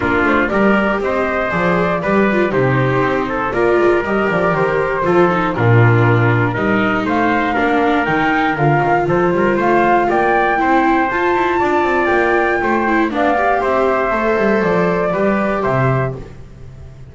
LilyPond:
<<
  \new Staff \with { instrumentName = "flute" } { \time 4/4 \tempo 4 = 119 ais'8 c''8 d''4 dis''4 d''4~ | d''4 c''2 d''4 | dis''8 d''8 c''2 ais'4~ | ais'4 dis''4 f''2 |
g''4 f''4 c''4 f''4 | g''2 a''2 | g''2 f''4 e''4~ | e''4 d''2 e''4 | }
  \new Staff \with { instrumentName = "trumpet" } { \time 4/4 f'4 ais'4 c''2 | b'4 g'4. a'8 ais'4~ | ais'2 a'4 f'4~ | f'4 ais'4 c''4 ais'4~ |
ais'2 a'8 ais'8 c''4 | d''4 c''2 d''4~ | d''4 c''4 d''4 c''4~ | c''2 b'4 c''4 | }
  \new Staff \with { instrumentName = "viola" } { \time 4/4 d'4 g'2 gis'4 | g'8 f'8 dis'2 f'4 | g'2 f'8 dis'8 d'4~ | d'4 dis'2 d'4 |
dis'4 f'2.~ | f'4 e'4 f'2~ | f'4. e'8 d'8 g'4. | a'2 g'2 | }
  \new Staff \with { instrumentName = "double bass" } { \time 4/4 ais8 a8 g4 c'4 f4 | g4 c4 c'4 ais8 gis8 | g8 f8 dis4 f4 ais,4~ | ais,4 g4 a4 ais4 |
dis4 d8 dis8 f8 g8 a4 | ais4 c'4 f'8 e'8 d'8 c'8 | ais4 a4 b4 c'4 | a8 g8 f4 g4 c4 | }
>>